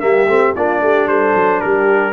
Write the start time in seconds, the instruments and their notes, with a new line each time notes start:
0.00 tuba G3, trombone A#3, horn G4, trumpet E5
0.28 tuba A3, trombone C4
0.55 tuba A#3, trombone D4, horn F4, trumpet D5
0.81 tuba A3, horn G4
1.07 tuba G3, horn A4, trumpet C5
1.35 tuba F#3
1.61 tuba G3, horn G4, trumpet A#4